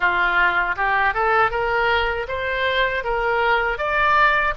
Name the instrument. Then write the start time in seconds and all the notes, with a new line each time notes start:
oboe
0.00 F4
0.76 G4
1.14 A4
1.51 A#4
2.28 C5
3.03 A#4
3.78 D5